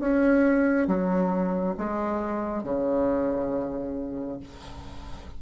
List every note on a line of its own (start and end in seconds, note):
0.00 0.88 C#4
0.88 1.76 F#3
1.78 2.64 G#3
2.64 4.40 C#3